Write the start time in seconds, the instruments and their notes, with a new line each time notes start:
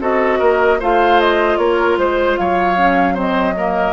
0.00 bassoon C4, clarinet F#4, oboe A4, flute D#5
0.38 bassoon A#3, oboe A#4
0.79 bassoon A3, clarinet F4, oboe C5, flute F5
1.20 flute D#5
1.57 bassoon A#3, oboe A#4, flute C#5
1.97 bassoon G#3, flute C5, oboe C5
2.37 bassoon F#3, oboe C#5, flute F5
2.77 clarinet C#4
3.14 clarinet C4, oboe C5, flute D#5
3.56 clarinet A#3, oboe A#4